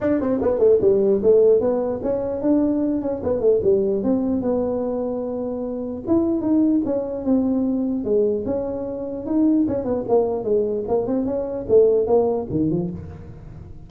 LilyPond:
\new Staff \with { instrumentName = "tuba" } { \time 4/4 \tempo 4 = 149 d'8 c'8 b8 a8 g4 a4 | b4 cis'4 d'4. cis'8 | b8 a8 g4 c'4 b4~ | b2. e'4 |
dis'4 cis'4 c'2 | gis4 cis'2 dis'4 | cis'8 b8 ais4 gis4 ais8 c'8 | cis'4 a4 ais4 dis8 f8 | }